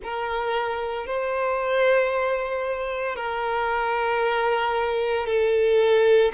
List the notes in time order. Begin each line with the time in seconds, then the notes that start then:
0.03 A#4
1.06 C5
3.16 A#4
5.26 A4